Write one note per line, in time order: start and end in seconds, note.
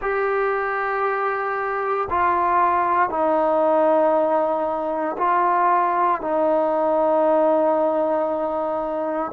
0.01 2.08 G4
2.09 3.09 F4
3.09 5.16 D#4
5.17 6.21 F4
6.21 9.31 D#4